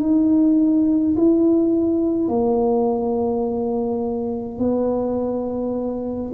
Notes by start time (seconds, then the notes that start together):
0.00 D#4
1.17 E4
2.28 A#3
4.59 B3